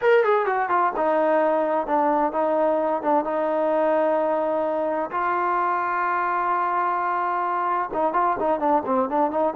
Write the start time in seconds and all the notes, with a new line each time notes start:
0.01 A#4
0.24 G#4
0.46 F#4
0.69 F4
0.96 D#4
1.86 D4
2.32 D#4
3.02 D4
3.24 D#4
5.10 F4
7.93 D#4
8.13 F4
8.39 D#4
8.59 D4
8.85 C4
9.09 D4
9.30 D#4